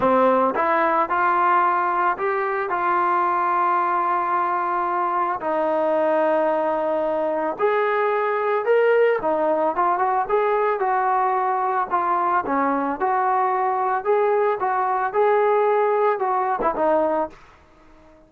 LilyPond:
\new Staff \with { instrumentName = "trombone" } { \time 4/4 \tempo 4 = 111 c'4 e'4 f'2 | g'4 f'2.~ | f'2 dis'2~ | dis'2 gis'2 |
ais'4 dis'4 f'8 fis'8 gis'4 | fis'2 f'4 cis'4 | fis'2 gis'4 fis'4 | gis'2 fis'8. e'16 dis'4 | }